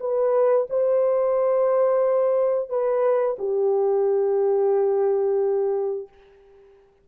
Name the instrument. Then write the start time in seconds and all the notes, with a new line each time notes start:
horn
0.00 B4
0.70 C5
2.70 B4
3.39 G4